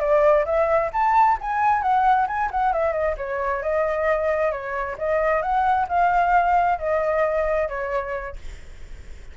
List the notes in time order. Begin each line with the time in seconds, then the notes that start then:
0.00 D5
0.46 E5
0.93 A5
1.41 G#5
1.82 F#5
2.28 G#5
2.51 F#5
2.73 E5
2.93 D#5
3.18 C#5
3.63 D#5
4.52 C#5
4.98 D#5
5.42 F#5
5.89 F5
6.79 D#5
7.69 C#5